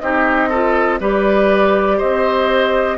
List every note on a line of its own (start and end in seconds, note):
0.00 1.01 C4
0.00 0.52 D#4
0.00 0.50 G4
0.00 1.00 D#5
0.50 1.00 F4
0.50 1.00 A4
1.00 2.01 G3
1.00 2.98 G4
1.00 1.98 B4
1.00 1.99 D5
1.98 2.98 C4
1.98 2.98 C5
1.98 2.98 D#5